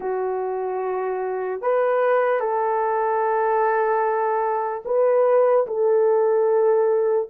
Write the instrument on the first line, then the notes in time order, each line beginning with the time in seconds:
horn
0.00 F#4
1.61 B4
2.40 A4
4.85 B4
5.66 A4